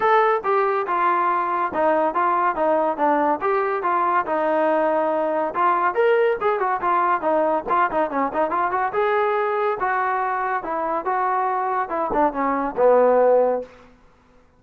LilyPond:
\new Staff \with { instrumentName = "trombone" } { \time 4/4 \tempo 4 = 141 a'4 g'4 f'2 | dis'4 f'4 dis'4 d'4 | g'4 f'4 dis'2~ | dis'4 f'4 ais'4 gis'8 fis'8 |
f'4 dis'4 f'8 dis'8 cis'8 dis'8 | f'8 fis'8 gis'2 fis'4~ | fis'4 e'4 fis'2 | e'8 d'8 cis'4 b2 | }